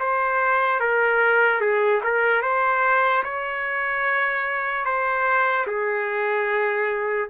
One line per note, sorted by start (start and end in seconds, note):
0.00 0.80 C5
0.80 1.61 A#4
1.61 2.02 G#4
2.04 2.43 A#4
2.43 3.24 C5
3.24 4.86 C#5
4.86 5.67 C5
5.67 7.29 G#4